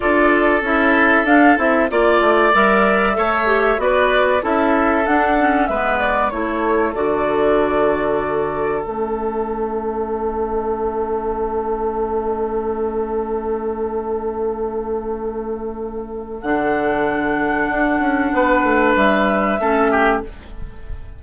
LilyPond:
<<
  \new Staff \with { instrumentName = "flute" } { \time 4/4 \tempo 4 = 95 d''4 e''4 f''8 e''8 d''4 | e''2 d''4 e''4 | fis''4 e''8 d''8 cis''4 d''4~ | d''2 e''2~ |
e''1~ | e''1~ | e''2 fis''2~ | fis''2 e''2 | }
  \new Staff \with { instrumentName = "oboe" } { \time 4/4 a'2. d''4~ | d''4 cis''4 b'4 a'4~ | a'4 b'4 a'2~ | a'1~ |
a'1~ | a'1~ | a'1~ | a'4 b'2 a'8 g'8 | }
  \new Staff \with { instrumentName = "clarinet" } { \time 4/4 f'4 e'4 d'8 e'8 f'4 | ais'4 a'8 g'8 fis'4 e'4 | d'8 cis'8 b4 e'4 fis'4~ | fis'2 cis'2~ |
cis'1~ | cis'1~ | cis'2 d'2~ | d'2. cis'4 | }
  \new Staff \with { instrumentName = "bassoon" } { \time 4/4 d'4 cis'4 d'8 c'8 ais8 a8 | g4 a4 b4 cis'4 | d'4 gis4 a4 d4~ | d2 a2~ |
a1~ | a1~ | a2 d2 | d'8 cis'8 b8 a8 g4 a4 | }
>>